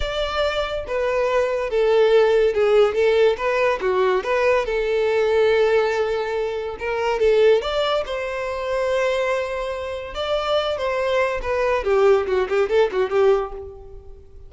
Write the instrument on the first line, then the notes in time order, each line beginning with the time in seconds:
violin
0.00 D5
0.87 B4
1.70 A4
2.54 G#4
2.94 A4
3.37 B4
3.81 F#4
4.23 B4
4.65 A4
6.79 A#4
7.19 A4
7.61 D5
8.05 C5
10.14 D5
10.77 C5
11.42 B4
11.84 G4
12.27 F#4
12.49 G4
12.69 A4
12.92 F#4
13.10 G4